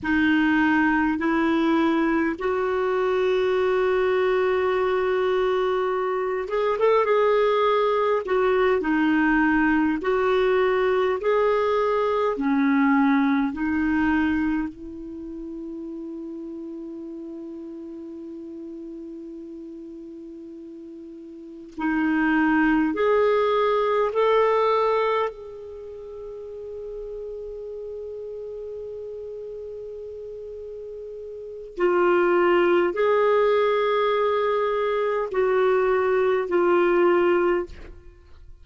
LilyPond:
\new Staff \with { instrumentName = "clarinet" } { \time 4/4 \tempo 4 = 51 dis'4 e'4 fis'2~ | fis'4. gis'16 a'16 gis'4 fis'8 dis'8~ | dis'8 fis'4 gis'4 cis'4 dis'8~ | dis'8 e'2.~ e'8~ |
e'2~ e'8 dis'4 gis'8~ | gis'8 a'4 gis'2~ gis'8~ | gis'2. f'4 | gis'2 fis'4 f'4 | }